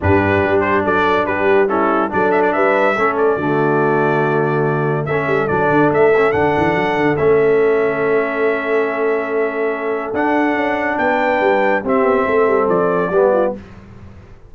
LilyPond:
<<
  \new Staff \with { instrumentName = "trumpet" } { \time 4/4 \tempo 4 = 142 b'4. c''8 d''4 b'4 | a'4 d''8 e''16 d''16 e''4. d''8~ | d''1 | e''4 d''4 e''4 fis''4~ |
fis''4 e''2.~ | e''1 | fis''2 g''2 | e''2 d''2 | }
  \new Staff \with { instrumentName = "horn" } { \time 4/4 g'2 a'4 g'4 | e'4 a'4 b'4 a'4 | fis'1 | a'1~ |
a'1~ | a'1~ | a'2 b'2 | g'4 a'2 g'8 f'8 | }
  \new Staff \with { instrumentName = "trombone" } { \time 4/4 d'1 | cis'4 d'2 cis'4 | a1 | cis'4 d'4. cis'8 d'4~ |
d'4 cis'2.~ | cis'1 | d'1 | c'2. b4 | }
  \new Staff \with { instrumentName = "tuba" } { \time 4/4 g,4 g4 fis4 g4~ | g4 fis4 g4 a4 | d1 | a8 g8 fis8 d8 a4 d8 e8 |
fis8 d8 a2.~ | a1 | d'4 cis'4 b4 g4 | c'8 b8 a8 g8 f4 g4 | }
>>